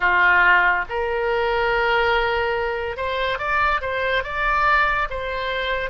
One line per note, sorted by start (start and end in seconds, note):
0.00 0.85 F4
0.89 2.97 A#4
2.97 3.38 C5
3.38 3.80 D5
3.81 4.23 C5
4.23 5.08 D5
5.09 5.90 C5